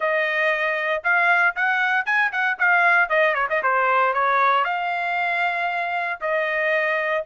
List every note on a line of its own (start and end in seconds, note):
0.00 1.03 D#5
1.03 1.55 F5
1.55 2.05 F#5
2.05 2.31 G#5
2.31 2.57 F#5
2.58 3.09 F5
3.09 3.34 D#5
3.34 3.47 C#5
3.49 3.62 D#5
3.62 4.13 C5
4.13 4.64 C#5
4.64 6.19 F5
6.21 7.24 D#5